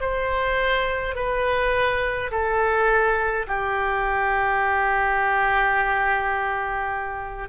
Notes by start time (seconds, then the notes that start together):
0.00 C5
1.15 B4
2.31 A4
3.47 G4